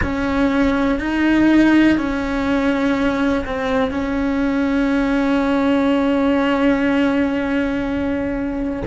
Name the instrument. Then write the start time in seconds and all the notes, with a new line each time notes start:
cello
0.02 C#4
0.99 D#4
1.97 C#4
3.45 C4
3.91 C#4